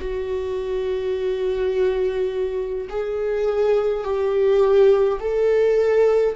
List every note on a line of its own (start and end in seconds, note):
0.00 2.88 F#4
2.89 4.04 G#4
4.04 5.19 G4
5.20 6.35 A4